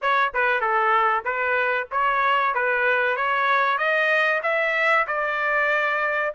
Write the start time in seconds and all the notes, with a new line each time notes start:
0.01 C#5
0.33 B4
0.60 A4
1.24 B4
1.91 C#5
2.54 B4
3.16 C#5
3.78 D#5
4.42 E5
5.07 D5